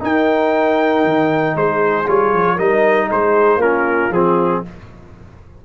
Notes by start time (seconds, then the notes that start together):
0.00 D#4 A#4 G5
1.05 D#3
1.56 G#3 G#4 C5
2.07 G3 F4 C#5
2.33 F3
2.56 G3 D#4 A#4 D#5
3.08 G#3 G#4 C5
3.56 A#3 C#4 F4 A#4
4.11 F3 C4 G#4